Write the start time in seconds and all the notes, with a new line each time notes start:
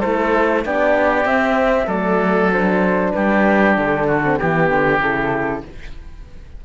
0.00 A3 E4 A4 C5
0.64 B3 D4 G4 D5
1.24 C4 E5
1.86 F#3 A3 A4 D5
2.53 D4 C5
3.11 G3 G4 B4
3.77 D3 A4
4.07 F#4
4.24 C4
4.38 E3 B3 G4
4.71 D3
4.99 C#3 E4 A4